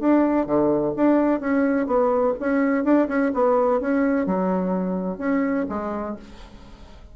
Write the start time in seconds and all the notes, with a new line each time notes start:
0.00 D4
0.46 D3
0.96 D4
1.40 C#4
1.87 B3
2.40 C#4
2.84 D4
3.08 C#4
3.34 B3
3.81 C#4
4.26 F#3
5.19 C#4
5.69 G#3